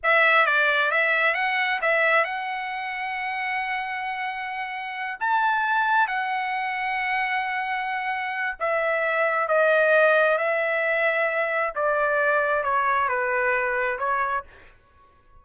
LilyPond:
\new Staff \with { instrumentName = "trumpet" } { \time 4/4 \tempo 4 = 133 e''4 d''4 e''4 fis''4 | e''4 fis''2.~ | fis''2.~ fis''8 a''8~ | a''4. fis''2~ fis''8~ |
fis''2. e''4~ | e''4 dis''2 e''4~ | e''2 d''2 | cis''4 b'2 cis''4 | }